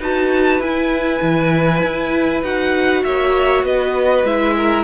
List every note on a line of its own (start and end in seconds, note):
0.00 0.60 D#4
0.00 0.62 F#4
0.00 3.03 B4
0.00 0.62 A5
0.60 1.21 E4
0.60 2.44 E4
0.60 2.44 G#5
1.22 1.83 E3
1.83 2.43 E4
2.43 3.04 D#4
2.43 4.26 F#4
2.43 3.04 F#5
3.04 3.64 A#3
3.04 3.65 C#5
3.04 3.65 E5
3.64 4.24 B3
3.64 4.56 B4
3.64 4.26 D#5
4.24 4.85 G#3
4.24 4.85 E4
4.24 4.85 E5
4.57 4.85 A#4